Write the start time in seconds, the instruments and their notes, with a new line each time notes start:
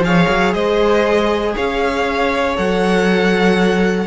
0.00 cello F3, viola G#4, violin C#5 F5
0.28 cello F#3
0.53 cello G#3, violin C5 D#5
1.55 cello C#4, violin C#5 F5
2.55 cello F#3, viola A4, violin F#5